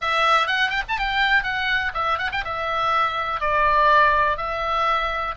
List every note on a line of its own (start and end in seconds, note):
0.01 0.47 E5
0.47 0.70 F#5
0.70 0.82 G5
0.88 0.98 A5
0.98 1.43 G5
1.43 1.92 F#5
1.94 2.18 E5
2.18 2.30 F#5
2.32 2.44 G5
2.44 3.40 E5
3.40 4.37 D5
4.37 5.34 E5